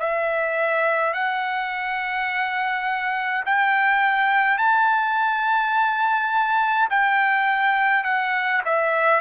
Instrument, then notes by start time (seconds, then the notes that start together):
trumpet
0.00 E5
1.14 F#5
3.46 G5
4.58 A5
6.90 G5
8.04 F#5
8.65 E5